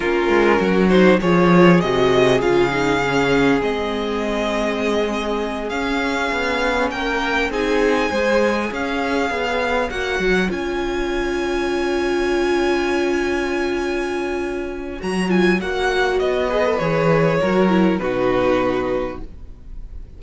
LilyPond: <<
  \new Staff \with { instrumentName = "violin" } { \time 4/4 \tempo 4 = 100 ais'4. c''8 cis''4 dis''4 | f''2 dis''2~ | dis''4. f''2 g''8~ | g''8 gis''2 f''4.~ |
f''8 fis''4 gis''2~ gis''8~ | gis''1~ | gis''4 ais''8 gis''8 fis''4 dis''4 | cis''2 b'2 | }
  \new Staff \with { instrumentName = "violin" } { \time 4/4 f'4 fis'4 gis'2~ | gis'1~ | gis'2.~ gis'8 ais'8~ | ais'8 gis'4 c''4 cis''4.~ |
cis''1~ | cis''1~ | cis''2.~ cis''8 b'8~ | b'4 ais'4 fis'2 | }
  \new Staff \with { instrumentName = "viola" } { \time 4/4 cis'4. dis'8 f'4 fis'4 | f'8 dis'8 cis'4 c'2~ | c'4. cis'2~ cis'8~ | cis'8 dis'4 gis'2~ gis'8~ |
gis'8 fis'4 f'2~ f'8~ | f'1~ | f'4 fis'8 f'8 fis'4. gis'16 a'16 | gis'4 fis'8 e'8 dis'2 | }
  \new Staff \with { instrumentName = "cello" } { \time 4/4 ais8 gis8 fis4 f4 c4 | cis2 gis2~ | gis4. cis'4 b4 ais8~ | ais8 c'4 gis4 cis'4 b8~ |
b8 ais8 fis8 cis'2~ cis'8~ | cis'1~ | cis'4 fis4 ais4 b4 | e4 fis4 b,2 | }
>>